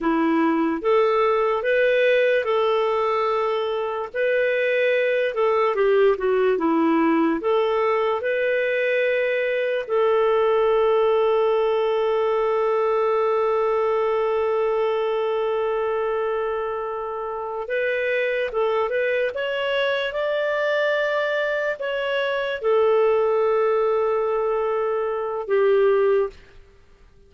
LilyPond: \new Staff \with { instrumentName = "clarinet" } { \time 4/4 \tempo 4 = 73 e'4 a'4 b'4 a'4~ | a'4 b'4. a'8 g'8 fis'8 | e'4 a'4 b'2 | a'1~ |
a'1~ | a'4. b'4 a'8 b'8 cis''8~ | cis''8 d''2 cis''4 a'8~ | a'2. g'4 | }